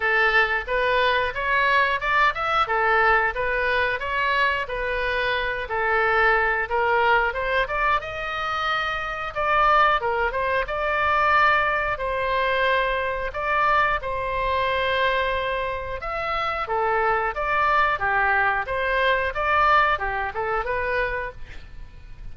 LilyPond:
\new Staff \with { instrumentName = "oboe" } { \time 4/4 \tempo 4 = 90 a'4 b'4 cis''4 d''8 e''8 | a'4 b'4 cis''4 b'4~ | b'8 a'4. ais'4 c''8 d''8 | dis''2 d''4 ais'8 c''8 |
d''2 c''2 | d''4 c''2. | e''4 a'4 d''4 g'4 | c''4 d''4 g'8 a'8 b'4 | }